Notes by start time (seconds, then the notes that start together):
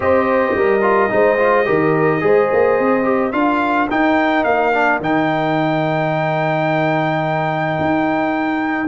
0.00 C4 G4 C5 D#5
0.54 G3 A#4
0.81 F4
1.09 G#3 D#4 C5
1.37 F4
1.65 D#3 G4 A#4
2.20 G#3 G#4 C5
2.52 A#3
2.79 C4
3.03 G4
3.32 D4 F4 A#4 F5
3.90 D#4 G5
4.43 A#3 F5
4.73 D4
5.00 D#3 D#4 G5
7.80 D#4